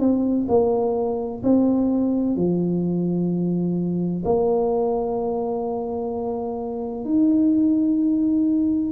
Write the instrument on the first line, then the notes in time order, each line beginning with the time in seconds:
tuba
0.00 C4
0.49 A#3
1.44 C4
2.36 F3
4.25 A#3
7.05 D#4